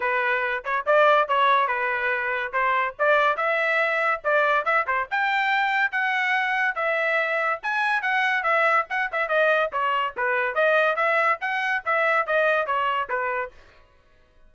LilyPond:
\new Staff \with { instrumentName = "trumpet" } { \time 4/4 \tempo 4 = 142 b'4. cis''8 d''4 cis''4 | b'2 c''4 d''4 | e''2 d''4 e''8 c''8 | g''2 fis''2 |
e''2 gis''4 fis''4 | e''4 fis''8 e''8 dis''4 cis''4 | b'4 dis''4 e''4 fis''4 | e''4 dis''4 cis''4 b'4 | }